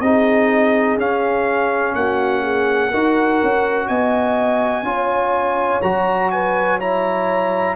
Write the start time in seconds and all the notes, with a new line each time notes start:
0.00 C4 D#4 G#4 D#5
0.97 C#4 F5
1.94 A#3 F#4 F#5
2.42 G#4
2.90 D#4 F#4 A#4
3.42 C#4
3.87 B3 D#5 G#5
4.83 C#4 F4 C#5
5.82 F#3 F#4 A#5
6.30 B4 G#5
6.78 E4 C#5 A#5